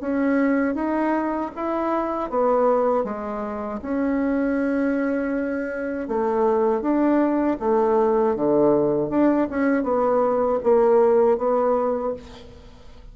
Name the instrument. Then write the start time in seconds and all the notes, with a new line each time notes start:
bassoon
0.00 C#4
0.75 D#4
1.55 E4
2.30 B3
3.04 G#3
3.81 C#4
6.08 A3
6.81 D4
7.59 A3
8.35 D3
9.09 D4
9.50 C#4
9.83 B3
10.63 A#3
11.38 B3